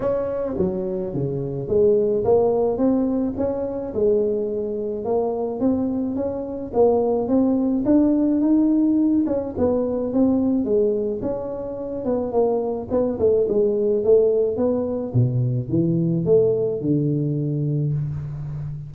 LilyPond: \new Staff \with { instrumentName = "tuba" } { \time 4/4 \tempo 4 = 107 cis'4 fis4 cis4 gis4 | ais4 c'4 cis'4 gis4~ | gis4 ais4 c'4 cis'4 | ais4 c'4 d'4 dis'4~ |
dis'8 cis'8 b4 c'4 gis4 | cis'4. b8 ais4 b8 a8 | gis4 a4 b4 b,4 | e4 a4 d2 | }